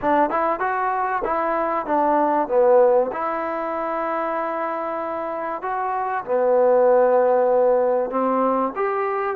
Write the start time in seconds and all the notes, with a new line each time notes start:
0.01 D4
0.30 E4
0.59 F#4
1.24 E4
1.86 D4
2.48 B3
3.12 E4
5.61 F#4
6.24 B3
8.10 C4
8.75 G4